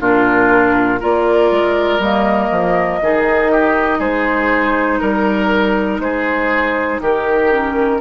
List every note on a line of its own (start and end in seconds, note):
0.00 1.00 A#2
0.00 1.00 D4
0.00 1.00 F4
0.00 1.01 A#4
1.00 1.51 A#3
1.00 2.01 F4
1.00 3.00 A#4
1.00 2.01 D5
1.51 1.99 G#3
1.99 2.49 G3
1.99 3.02 A#3
1.99 4.01 D#5
2.51 3.01 F3
3.01 4.00 D#3
3.01 7.51 D#4
3.01 3.52 G#4
3.52 3.99 G4
3.99 5.00 G#3
3.99 4.99 G#4
3.99 5.00 C5
5.00 6.00 G3
5.00 6.00 A#4
5.00 6.01 A#4
6.00 7.00 G#3
6.00 7.02 G#4
6.00 7.01 C5
7.01 8.01 D#3
7.01 8.01 G4
7.01 8.01 A#4
7.51 8.01 C#4